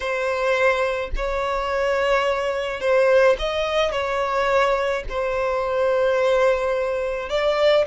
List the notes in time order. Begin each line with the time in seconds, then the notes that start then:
0.00 C5
1.16 C#5
2.80 C5
3.38 D#5
3.91 C#5
5.09 C5
7.29 D5